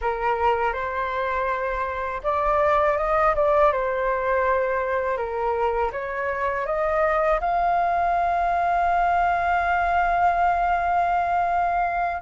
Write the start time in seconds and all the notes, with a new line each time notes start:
0.01 A#4
0.73 C5
2.23 D5
2.97 D#5
3.35 D5
3.72 C5
5.17 A#4
5.92 C#5
6.65 D#5
7.40 F5